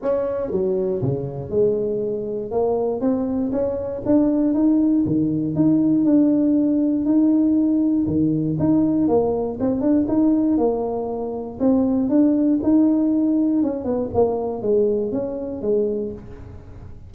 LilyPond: \new Staff \with { instrumentName = "tuba" } { \time 4/4 \tempo 4 = 119 cis'4 fis4 cis4 gis4~ | gis4 ais4 c'4 cis'4 | d'4 dis'4 dis4 dis'4 | d'2 dis'2 |
dis4 dis'4 ais4 c'8 d'8 | dis'4 ais2 c'4 | d'4 dis'2 cis'8 b8 | ais4 gis4 cis'4 gis4 | }